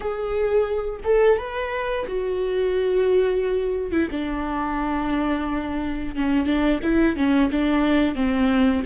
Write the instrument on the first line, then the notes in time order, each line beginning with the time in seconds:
viola
0.00 G#4
1.04 A4
1.38 B4
2.07 F#4
3.91 E4
4.11 D4
6.15 C#4
6.46 D4
6.82 E4
7.16 C#4
7.51 D4
8.15 C4